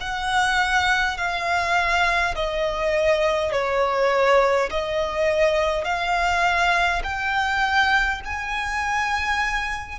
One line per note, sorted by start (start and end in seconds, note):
0.00 1.17 F#5
1.17 2.34 F5
2.35 3.52 D#5
3.52 4.70 C#5
4.70 5.84 D#5
5.84 7.02 F5
7.03 8.21 G5
8.25 9.99 G#5